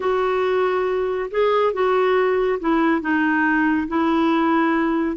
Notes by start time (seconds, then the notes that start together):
0.00 F#4
1.30 G#4
1.73 F#4
2.59 E4
3.01 D#4
3.88 E4